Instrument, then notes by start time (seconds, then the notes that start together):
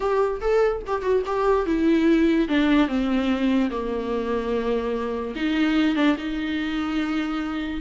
viola
0.00 G4
0.41 A4
0.86 G4
1.02 F#4
1.26 G4
1.66 E4
2.48 D4
2.88 C4
3.70 A#3
5.35 D#4
5.95 D4
6.17 D#4